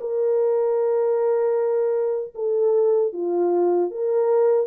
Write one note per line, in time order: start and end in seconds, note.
0.00 2.34 A#4
2.35 3.13 A4
3.13 3.90 F4
3.90 4.66 A#4